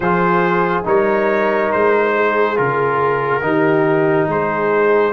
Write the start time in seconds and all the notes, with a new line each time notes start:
0.00 F3 F4 G#4 C5
0.84 G3 D#4 A#4 C#5
1.72 G#3 C5
2.14 G#4
2.55 C#3 F4 A#4
3.42 D#3 D#4 G4
4.27 G#3 G#4 C5